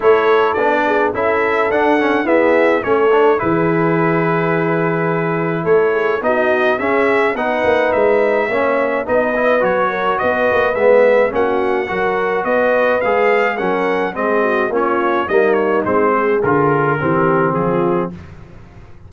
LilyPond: <<
  \new Staff \with { instrumentName = "trumpet" } { \time 4/4 \tempo 4 = 106 cis''4 d''4 e''4 fis''4 | e''4 cis''4 b'2~ | b'2 cis''4 dis''4 | e''4 fis''4 e''2 |
dis''4 cis''4 dis''4 e''4 | fis''2 dis''4 f''4 | fis''4 dis''4 cis''4 dis''8 cis''8 | c''4 ais'2 gis'4 | }
  \new Staff \with { instrumentName = "horn" } { \time 4/4 a'4. gis'8 a'2 | gis'4 a'4 gis'2~ | gis'2 a'8 gis'8 fis'4 | gis'4 b'2 cis''4 |
b'4. ais'8 b'2 | fis'4 ais'4 b'2 | ais'4 gis'8 fis'8 f'4 dis'4~ | dis'8 gis'4. g'4 f'4 | }
  \new Staff \with { instrumentName = "trombone" } { \time 4/4 e'4 d'4 e'4 d'8 cis'8 | b4 cis'8 d'8 e'2~ | e'2. dis'4 | cis'4 dis'2 cis'4 |
dis'8 e'8 fis'2 b4 | cis'4 fis'2 gis'4 | cis'4 c'4 cis'4 ais4 | c'4 f'4 c'2 | }
  \new Staff \with { instrumentName = "tuba" } { \time 4/4 a4 b4 cis'4 d'4 | e'4 a4 e2~ | e2 a4 b4 | cis'4 b8 ais8 gis4 ais4 |
b4 fis4 b8 ais8 gis4 | ais4 fis4 b4 gis4 | fis4 gis4 ais4 g4 | gis4 d4 e4 f4 | }
>>